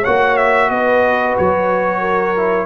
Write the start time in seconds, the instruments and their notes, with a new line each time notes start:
0.00 trombone F#4, horn C#5, trumpet F#5
0.07 tuba A#3
0.37 trumpet E5
0.70 tuba B3, horn B4, trumpet D#5
1.38 tuba F#3, trumpet C#5
2.00 horn A#4
2.37 trombone E4